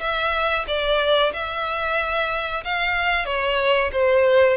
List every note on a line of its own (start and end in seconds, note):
0.00 0.65 E5
0.67 1.32 D5
1.33 2.63 E5
2.64 3.25 F5
3.25 3.90 C#5
3.92 4.57 C5